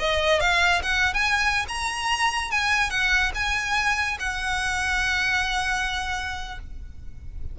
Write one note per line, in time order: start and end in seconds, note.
0.00 0.41 D#5
0.41 0.82 F5
0.83 1.14 F#5
1.14 1.66 G#5
1.69 2.51 A#5
2.51 2.91 G#5
2.91 3.32 F#5
3.35 4.18 G#5
4.20 6.59 F#5